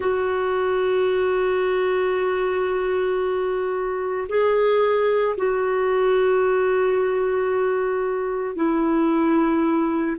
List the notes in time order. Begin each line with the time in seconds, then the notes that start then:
0.00 F#4
4.29 G#4
5.37 F#4
8.55 E4